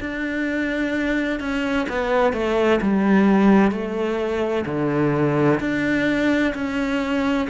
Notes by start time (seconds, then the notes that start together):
0.00 D4
1.39 C#4
1.89 B3
2.33 A3
2.81 G3
3.71 A3
4.65 D3
5.60 D4
6.54 C#4